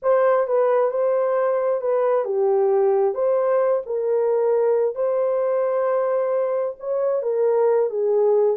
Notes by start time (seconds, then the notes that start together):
0.02 C5
0.47 B4
0.90 C5
1.81 B4
2.25 G4
3.14 C5
3.86 A#4
4.95 C5
6.79 C#5
7.22 A#4
7.89 G#4